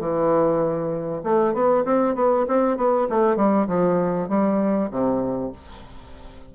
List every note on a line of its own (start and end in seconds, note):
0.00 1.22 E3
1.24 1.54 A3
1.54 1.85 B3
1.85 2.15 C4
2.15 2.46 B3
2.48 2.77 C4
2.77 3.08 B3
3.09 3.36 A3
3.36 3.67 G3
3.67 4.29 F3
4.29 4.90 G3
4.91 5.52 C3